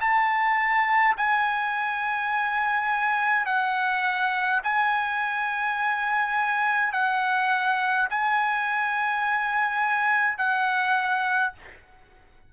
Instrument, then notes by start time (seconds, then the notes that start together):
trumpet
0.00 A5
1.17 G#5
3.46 F#5
4.64 G#5
6.93 F#5
8.10 G#5
10.38 F#5